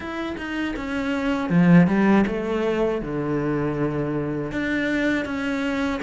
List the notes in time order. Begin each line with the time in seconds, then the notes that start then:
0.00 E4
0.37 D#4
0.76 C#4
1.49 F3
1.87 G3
2.27 A3
3.01 D3
4.51 D4
5.25 C#4